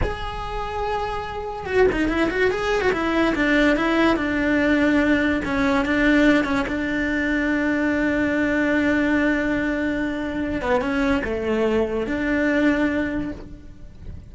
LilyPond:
\new Staff \with { instrumentName = "cello" } { \time 4/4 \tempo 4 = 144 gis'1 | fis'8 dis'8 e'8 fis'8 gis'8. fis'16 e'4 | d'4 e'4 d'2~ | d'4 cis'4 d'4. cis'8 |
d'1~ | d'1~ | d'4. b8 cis'4 a4~ | a4 d'2. | }